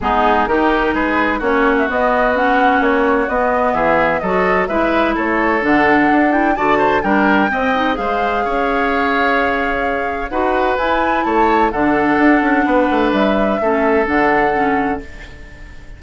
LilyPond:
<<
  \new Staff \with { instrumentName = "flute" } { \time 4/4 \tempo 4 = 128 gis'4 ais'4 b'4 cis''8. e''16 | dis''4 fis''4 cis''4 dis''4 | e''4 dis''4 e''4 cis''4 | fis''4. g''8 a''4 g''4~ |
g''4 f''2.~ | f''2 fis''4 gis''4 | a''4 fis''2. | e''2 fis''2 | }
  \new Staff \with { instrumentName = "oboe" } { \time 4/4 dis'4 g'4 gis'4 fis'4~ | fis'1 | gis'4 a'4 b'4 a'4~ | a'2 d''8 c''8 ais'4 |
dis''4 c''4 cis''2~ | cis''2 b'2 | cis''4 a'2 b'4~ | b'4 a'2. | }
  \new Staff \with { instrumentName = "clarinet" } { \time 4/4 b4 dis'2 cis'4 | b4 cis'2 b4~ | b4 fis'4 e'2 | d'4. e'8 fis'4 d'4 |
c'8 dis'8 gis'2.~ | gis'2 fis'4 e'4~ | e'4 d'2.~ | d'4 cis'4 d'4 cis'4 | }
  \new Staff \with { instrumentName = "bassoon" } { \time 4/4 gis4 dis4 gis4 ais4 | b2 ais4 b4 | e4 fis4 gis4 a4 | d4 d'4 d4 g4 |
c'4 gis4 cis'2~ | cis'2 dis'4 e'4 | a4 d4 d'8 cis'8 b8 a8 | g4 a4 d2 | }
>>